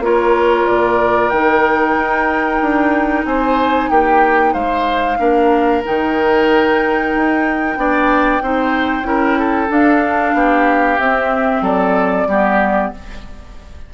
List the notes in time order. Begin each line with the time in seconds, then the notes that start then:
0.00 A#3 F4 A#4 C#5
0.67 A#2 D5
1.30 D#3 D#4 G5
1.96 D#4
2.61 D4
3.25 C4 C5 G#5
3.90 A#3 G4 G5
4.53 G#3 C5 F5
5.19 A#3 D4 A#4
5.85 D#3 D#4 G5
7.15 D#4
7.77 B3 D4 D5
8.42 C4 D#4 C5
9.03 C#4 E4 A#4
9.39 A4
9.69 D4 F5
10.34 B3 G4
10.99 C4 E5
11.62 F#3 A4 D5
12.27 G3 B3 G4